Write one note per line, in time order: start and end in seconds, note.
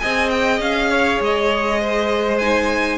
0.00 0.60 C4
0.00 2.42 G#4
0.00 0.91 D#5
0.00 0.30 G#5
0.31 0.61 G5
0.60 1.20 C#4
0.60 1.22 F5
0.91 1.81 C#5
1.21 2.99 G#3
1.21 2.39 D#5
1.81 2.99 C5
2.39 2.99 D#4
2.39 2.98 G#5